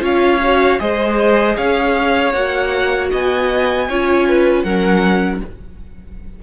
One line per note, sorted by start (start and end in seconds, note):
0.00 0.78 C#4
0.00 0.38 F4
0.00 0.79 C#5
0.00 0.79 F5
0.43 0.79 F#4
0.79 1.57 G#3
0.79 2.33 G#4
0.79 1.56 C5
0.79 1.56 D#5
1.56 2.34 C#4
1.56 3.10 C#5
1.56 2.33 F5
2.33 3.11 A#3
2.33 3.89 F#4
2.33 3.10 F#5
3.11 3.89 B3
3.11 3.88 D#5
3.11 4.62 G#5
3.89 4.64 C#4
3.89 4.66 F4
3.89 4.27 C#5
4.28 4.64 B4
4.62 5.41 F#3
4.62 5.43 C#4
4.62 5.41 A#4
4.62 5.39 F#5